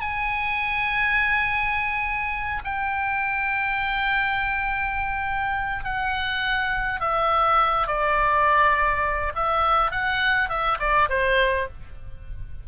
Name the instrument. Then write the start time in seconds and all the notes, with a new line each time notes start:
oboe
0.00 G#5
2.64 G5
5.84 F#5
7.00 E5
7.87 D5
9.35 E5
9.91 F#5
10.49 E5
10.79 D5
11.09 C5